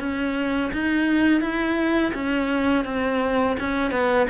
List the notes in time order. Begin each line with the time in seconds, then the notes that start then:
0.00 C#4
0.73 D#4
1.41 E4
2.14 C#4
2.85 C4
3.60 C#4
3.91 B3